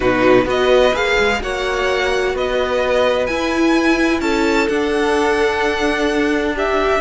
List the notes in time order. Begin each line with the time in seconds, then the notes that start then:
0.00 B2 D#4 F#4 B4
0.45 B3 F#4 B4 D#5
0.93 A#3 G#4 F5
1.19 G#3
1.41 A#3 F#4 C#5 F#5
2.34 B3 B4 D#5
3.26 E4 G#5
4.21 C#4 A4 A5
4.68 D4 F#5
6.55 G4 E5